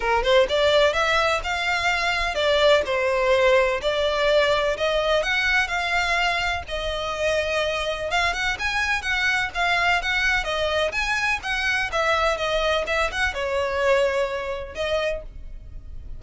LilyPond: \new Staff \with { instrumentName = "violin" } { \time 4/4 \tempo 4 = 126 ais'8 c''8 d''4 e''4 f''4~ | f''4 d''4 c''2 | d''2 dis''4 fis''4 | f''2 dis''2~ |
dis''4 f''8 fis''8 gis''4 fis''4 | f''4 fis''4 dis''4 gis''4 | fis''4 e''4 dis''4 e''8 fis''8 | cis''2. dis''4 | }